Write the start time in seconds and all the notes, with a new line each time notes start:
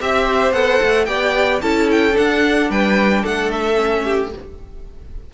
0.00 C4 G4 E5
0.24 C5
0.52 B3 A4 F#5
0.82 A3
1.05 B3 G4 D5 G5
1.61 C#4 E4 A4 A5
1.91 G5
2.12 D4 F#5
2.18 D4
2.70 G3 B4 G5
3.22 A3 A4 F#5
3.51 E5
3.74 C#4
4.04 G4